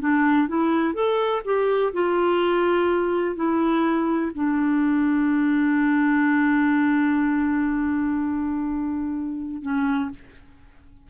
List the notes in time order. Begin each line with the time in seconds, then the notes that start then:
0.00 D4
0.48 E4
0.94 A4
1.45 G4
1.93 F4
3.36 E4
4.34 D4
9.62 C#4